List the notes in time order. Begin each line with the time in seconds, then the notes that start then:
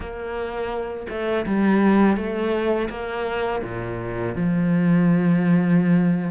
0.00 A#3
1.09 A3
1.46 G3
2.16 A3
2.89 A#3
3.63 A#2
4.35 F3